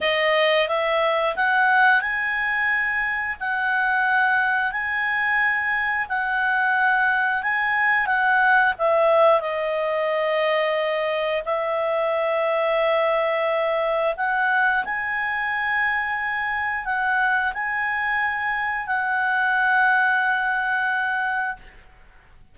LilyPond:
\new Staff \with { instrumentName = "clarinet" } { \time 4/4 \tempo 4 = 89 dis''4 e''4 fis''4 gis''4~ | gis''4 fis''2 gis''4~ | gis''4 fis''2 gis''4 | fis''4 e''4 dis''2~ |
dis''4 e''2.~ | e''4 fis''4 gis''2~ | gis''4 fis''4 gis''2 | fis''1 | }